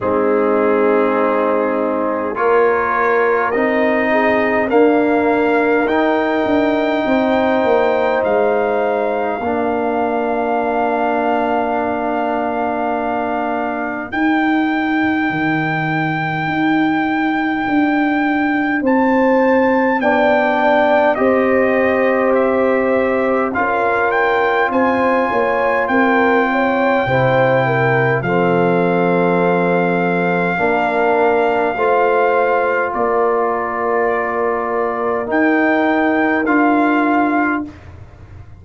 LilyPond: <<
  \new Staff \with { instrumentName = "trumpet" } { \time 4/4 \tempo 4 = 51 gis'2 cis''4 dis''4 | f''4 g''2 f''4~ | f''1 | g''1 |
a''4 g''4 dis''4 e''4 | f''8 g''8 gis''4 g''2 | f''1 | d''2 g''4 f''4 | }
  \new Staff \with { instrumentName = "horn" } { \time 4/4 dis'2 ais'4. gis'8 | ais'2 c''2 | ais'1~ | ais'1 |
c''4 d''4 c''2 | ais'4 c''8 cis''8 ais'8 cis''8 c''8 ais'8 | a'2 ais'4 c''4 | ais'1 | }
  \new Staff \with { instrumentName = "trombone" } { \time 4/4 c'2 f'4 dis'4 | ais4 dis'2. | d'1 | dis'1~ |
dis'4 d'4 g'2 | f'2. e'4 | c'2 d'4 f'4~ | f'2 dis'4 f'4 | }
  \new Staff \with { instrumentName = "tuba" } { \time 4/4 gis2 ais4 c'4 | d'4 dis'8 d'8 c'8 ais8 gis4 | ais1 | dis'4 dis4 dis'4 d'4 |
c'4 b4 c'2 | cis'4 c'8 ais8 c'4 c4 | f2 ais4 a4 | ais2 dis'4 d'4 | }
>>